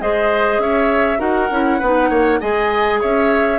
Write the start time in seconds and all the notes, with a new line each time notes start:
0.00 G#3 G#4 C5 D#5
0.58 C#4 C#5 E5
1.18 D#4 F#4 A#4 F#5
1.50 C#4 E4
1.79 B3 D#4 B4
2.10 A#3 C#5
2.40 G#3 G#4 D#5 G#5
3.00 C#4 C#5 E5